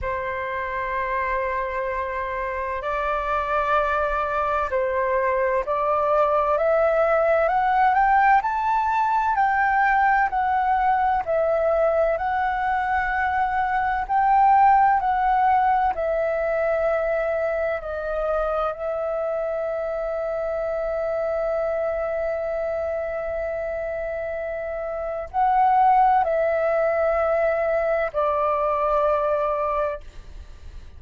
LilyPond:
\new Staff \with { instrumentName = "flute" } { \time 4/4 \tempo 4 = 64 c''2. d''4~ | d''4 c''4 d''4 e''4 | fis''8 g''8 a''4 g''4 fis''4 | e''4 fis''2 g''4 |
fis''4 e''2 dis''4 | e''1~ | e''2. fis''4 | e''2 d''2 | }